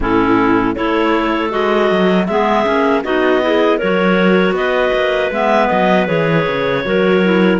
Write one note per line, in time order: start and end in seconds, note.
0.00 0.75 A2
0.00 0.75 C#4
0.00 0.74 E4
0.00 0.75 A4
0.74 1.53 A3
0.74 1.50 E4
0.74 2.26 A4
0.74 1.51 C#5
1.50 1.90 G#3
1.50 2.26 F#4
1.50 2.26 D#5
1.90 2.28 F#3
2.26 2.66 G#3
2.26 2.64 B3
2.26 3.03 G#4
2.26 3.02 E5
2.64 3.04 A#3
2.64 3.02 C#4
3.03 3.80 B3
3.03 3.41 D#4
3.03 3.41 F#4
3.03 3.78 D#5
3.41 3.79 E4
3.41 3.77 G#4
3.77 4.51 F#3
3.77 5.32 F#4
3.77 4.53 A#4
3.77 4.54 C#5
4.51 4.89 B3
4.51 6.84 B4
4.51 5.31 D#5
4.93 5.31 A#3
5.31 5.69 G#3
5.31 6.07 B3
5.31 5.67 E5
5.67 6.08 F#3
5.67 6.05 D#5
6.07 6.46 E3
6.07 6.83 G#4
6.07 7.59 C#5
6.47 6.85 C#3
6.84 7.59 F#3
6.84 7.22 F#4
6.84 7.59 A#4
7.23 7.59 E4